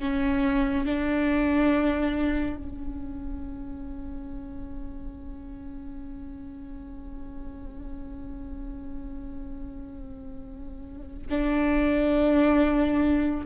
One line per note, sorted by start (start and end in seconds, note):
0.00 0.86 C#4
0.86 2.58 D4
2.58 11.27 C#4
11.30 13.46 D4